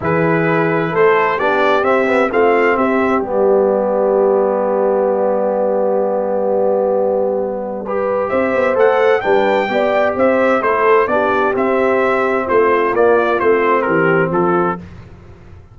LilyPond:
<<
  \new Staff \with { instrumentName = "trumpet" } { \time 4/4 \tempo 4 = 130 b'2 c''4 d''4 | e''4 f''4 e''4 d''4~ | d''1~ | d''1~ |
d''2 e''4 fis''4 | g''2 e''4 c''4 | d''4 e''2 c''4 | d''4 c''4 ais'4 a'4 | }
  \new Staff \with { instrumentName = "horn" } { \time 4/4 gis'2 a'4 g'4~ | g'4 f'4 g'2~ | g'1~ | g'1~ |
g'4 b'4 c''2 | b'4 d''4 c''4 a'4 | g'2. f'4~ | f'2 g'4 f'4 | }
  \new Staff \with { instrumentName = "trombone" } { \time 4/4 e'2. d'4 | c'8 b8 c'2 b4~ | b1~ | b1~ |
b4 g'2 a'4 | d'4 g'2 e'4 | d'4 c'2. | ais4 c'2. | }
  \new Staff \with { instrumentName = "tuba" } { \time 4/4 e2 a4 b4 | c'4 a4 c'4 g4~ | g1~ | g1~ |
g2 c'8 b8 a4 | g4 b4 c'4 a4 | b4 c'2 a4 | ais4 a4 e4 f4 | }
>>